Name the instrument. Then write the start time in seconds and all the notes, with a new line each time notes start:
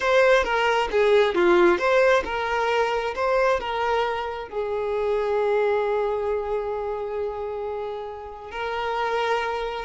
violin
0.00 C5
0.44 A#4
0.91 G#4
1.34 F4
1.78 C5
2.24 A#4
3.15 C5
3.60 A#4
4.48 G#4
8.51 A#4